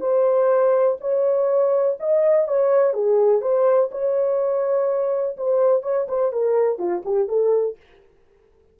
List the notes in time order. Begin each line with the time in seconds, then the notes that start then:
0.00 C5
1.00 C#5
1.99 D#5
2.47 C#5
2.93 G#4
3.41 C5
3.91 C#5
5.37 C5
5.82 C#5
6.08 C5
6.32 A#4
6.78 F4
7.04 G4
7.28 A4